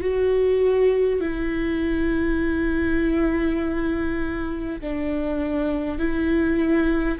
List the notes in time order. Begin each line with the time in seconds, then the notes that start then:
0.00 F#4
1.20 E4
4.81 D4
5.98 E4